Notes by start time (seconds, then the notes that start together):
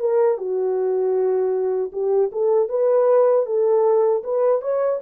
0.00 A#4
0.38 F#4
1.93 G4
2.32 A4
2.69 B4
3.46 A4
4.24 B4
4.62 C#5